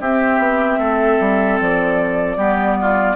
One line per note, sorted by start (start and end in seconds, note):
0.00 0.38 C4
0.00 0.79 G4
0.00 1.59 E5
0.06 2.37 C4
0.38 0.78 B3
0.78 1.18 A3
0.78 2.37 A4
1.20 1.60 G3
1.61 2.37 F3
1.61 3.16 D5
2.37 3.16 G3
2.37 3.16 B3
2.37 2.77 G4
2.82 3.16 F4